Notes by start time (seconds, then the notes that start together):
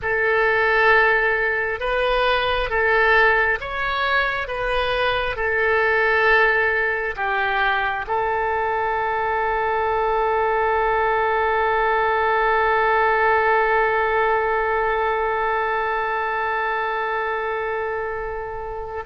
0.02 A4
1.80 B4
2.69 A4
3.60 C#5
4.47 B4
5.36 A4
7.16 G4
8.07 A4